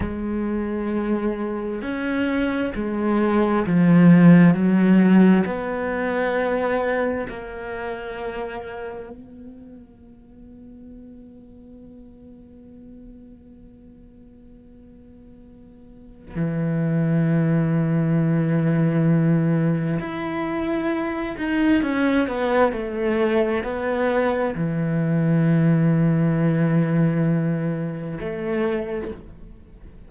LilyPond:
\new Staff \with { instrumentName = "cello" } { \time 4/4 \tempo 4 = 66 gis2 cis'4 gis4 | f4 fis4 b2 | ais2 b2~ | b1~ |
b2 e2~ | e2 e'4. dis'8 | cis'8 b8 a4 b4 e4~ | e2. a4 | }